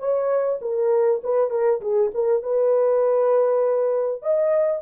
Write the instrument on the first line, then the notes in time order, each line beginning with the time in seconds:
horn
0.00 C#5
0.62 A#4
1.24 B4
1.51 A#4
1.81 G#4
2.15 A#4
2.43 B4
4.23 D#5